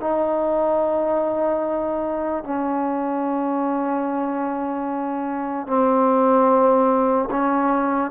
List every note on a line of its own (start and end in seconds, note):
0.00 2.43 D#4
2.44 5.66 C#4
5.66 7.29 C4
7.30 8.11 C#4